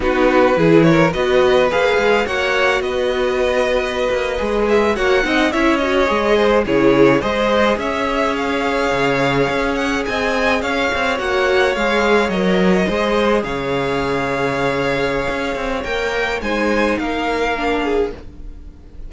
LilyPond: <<
  \new Staff \with { instrumentName = "violin" } { \time 4/4 \tempo 4 = 106 b'4. cis''8 dis''4 f''4 | fis''4 dis''2.~ | dis''16 e''8 fis''4 e''8 dis''4. cis''16~ | cis''8. dis''4 e''4 f''4~ f''16~ |
f''4~ f''16 fis''8 gis''4 f''4 fis''16~ | fis''8. f''4 dis''2 f''16~ | f''1 | g''4 gis''4 f''2 | }
  \new Staff \with { instrumentName = "violin" } { \time 4/4 fis'4 gis'8 ais'8 b'2 | cis''4 b'2.~ | b'8. cis''8 dis''8 cis''4. c''8 gis'16~ | gis'8. c''4 cis''2~ cis''16~ |
cis''4.~ cis''16 dis''4 cis''4~ cis''16~ | cis''2~ cis''8. c''4 cis''16~ | cis''1~ | cis''4 c''4 ais'4. gis'8 | }
  \new Staff \with { instrumentName = "viola" } { \time 4/4 dis'4 e'4 fis'4 gis'4 | fis'2.~ fis'8. gis'16~ | gis'8. fis'8 dis'8 e'8 fis'8 gis'4 e'16~ | e'8. gis'2.~ gis'16~ |
gis'2.~ gis'8. fis'16~ | fis'8. gis'4 ais'4 gis'4~ gis'16~ | gis'1 | ais'4 dis'2 d'4 | }
  \new Staff \with { instrumentName = "cello" } { \time 4/4 b4 e4 b4 ais8 gis8 | ais4 b2~ b16 ais8 gis16~ | gis8. ais8 c'8 cis'4 gis4 cis16~ | cis8. gis4 cis'2 cis16~ |
cis8. cis'4 c'4 cis'8 c'8 ais16~ | ais8. gis4 fis4 gis4 cis16~ | cis2. cis'8 c'8 | ais4 gis4 ais2 | }
>>